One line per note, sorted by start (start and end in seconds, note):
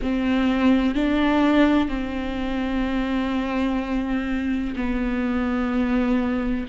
0.02 0.94 C4
0.94 1.88 D4
1.88 4.74 C4
4.76 6.66 B3